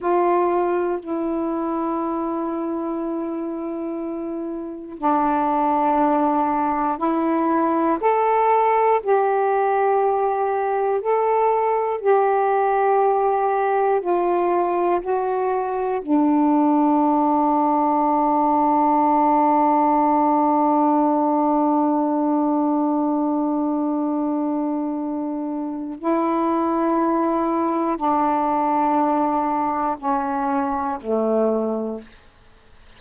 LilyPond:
\new Staff \with { instrumentName = "saxophone" } { \time 4/4 \tempo 4 = 60 f'4 e'2.~ | e'4 d'2 e'4 | a'4 g'2 a'4 | g'2 f'4 fis'4 |
d'1~ | d'1~ | d'2 e'2 | d'2 cis'4 a4 | }